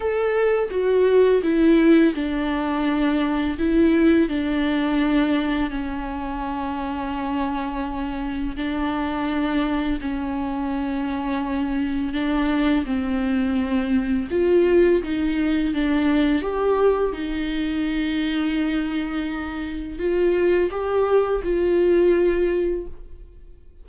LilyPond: \new Staff \with { instrumentName = "viola" } { \time 4/4 \tempo 4 = 84 a'4 fis'4 e'4 d'4~ | d'4 e'4 d'2 | cis'1 | d'2 cis'2~ |
cis'4 d'4 c'2 | f'4 dis'4 d'4 g'4 | dis'1 | f'4 g'4 f'2 | }